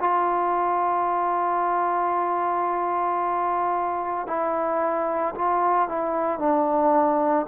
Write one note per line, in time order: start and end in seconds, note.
0.00 4.27 F4
4.27 5.34 E4
5.35 5.89 F4
5.89 6.39 E4
6.39 7.47 D4